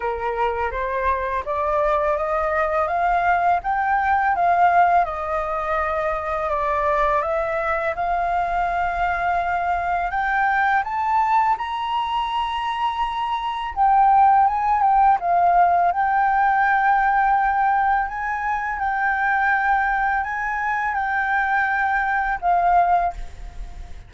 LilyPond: \new Staff \with { instrumentName = "flute" } { \time 4/4 \tempo 4 = 83 ais'4 c''4 d''4 dis''4 | f''4 g''4 f''4 dis''4~ | dis''4 d''4 e''4 f''4~ | f''2 g''4 a''4 |
ais''2. g''4 | gis''8 g''8 f''4 g''2~ | g''4 gis''4 g''2 | gis''4 g''2 f''4 | }